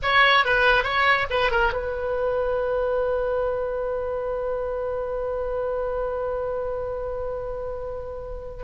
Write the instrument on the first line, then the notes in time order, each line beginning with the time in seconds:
oboe
0.02 C#5
0.44 B4
0.83 C#5
1.29 B4
1.51 A#4
1.72 B4